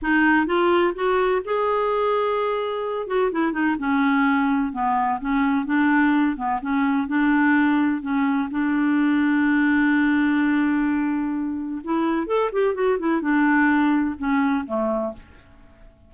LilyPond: \new Staff \with { instrumentName = "clarinet" } { \time 4/4 \tempo 4 = 127 dis'4 f'4 fis'4 gis'4~ | gis'2~ gis'8 fis'8 e'8 dis'8 | cis'2 b4 cis'4 | d'4. b8 cis'4 d'4~ |
d'4 cis'4 d'2~ | d'1~ | d'4 e'4 a'8 g'8 fis'8 e'8 | d'2 cis'4 a4 | }